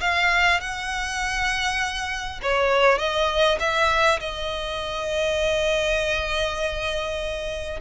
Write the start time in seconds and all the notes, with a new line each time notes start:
0.00 F5
0.60 F#5
2.42 C#5
2.98 D#5
3.59 E5
4.19 D#5